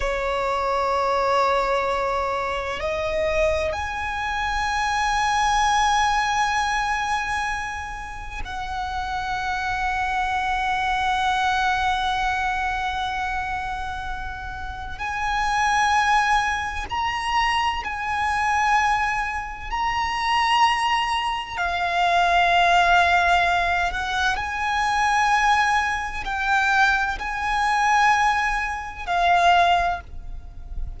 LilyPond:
\new Staff \with { instrumentName = "violin" } { \time 4/4 \tempo 4 = 64 cis''2. dis''4 | gis''1~ | gis''4 fis''2.~ | fis''1 |
gis''2 ais''4 gis''4~ | gis''4 ais''2 f''4~ | f''4. fis''8 gis''2 | g''4 gis''2 f''4 | }